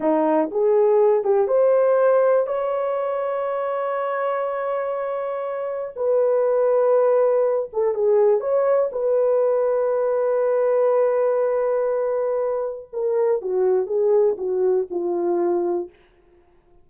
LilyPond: \new Staff \with { instrumentName = "horn" } { \time 4/4 \tempo 4 = 121 dis'4 gis'4. g'8 c''4~ | c''4 cis''2.~ | cis''1 | b'2.~ b'8 a'8 |
gis'4 cis''4 b'2~ | b'1~ | b'2 ais'4 fis'4 | gis'4 fis'4 f'2 | }